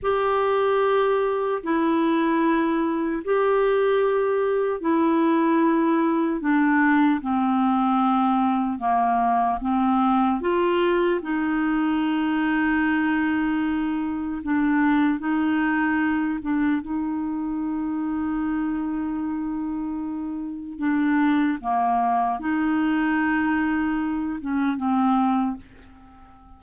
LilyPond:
\new Staff \with { instrumentName = "clarinet" } { \time 4/4 \tempo 4 = 75 g'2 e'2 | g'2 e'2 | d'4 c'2 ais4 | c'4 f'4 dis'2~ |
dis'2 d'4 dis'4~ | dis'8 d'8 dis'2.~ | dis'2 d'4 ais4 | dis'2~ dis'8 cis'8 c'4 | }